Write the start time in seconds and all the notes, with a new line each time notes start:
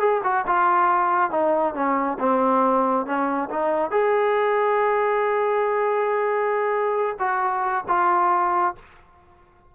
0.00 G#4
0.24 F#4
0.47 F4
1.31 D#4
1.75 C#4
2.20 C4
3.06 C#4
3.50 D#4
3.91 G#4
7.20 F#4
7.89 F4